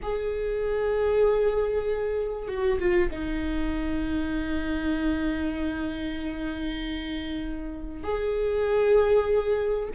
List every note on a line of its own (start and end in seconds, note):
0.02 2.47 G#4
2.47 2.78 F#4
2.79 3.10 F4
3.11 8.03 D#4
8.03 9.89 G#4